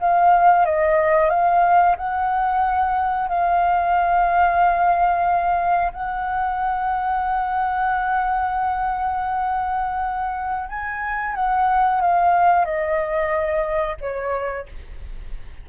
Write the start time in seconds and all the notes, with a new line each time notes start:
0.00 F5
0.66 D#5
1.30 F5
1.98 F#5
3.29 F5
5.93 F#5
10.69 G#5
11.35 F#5
12.01 F5
12.65 D#5
14.01 C#5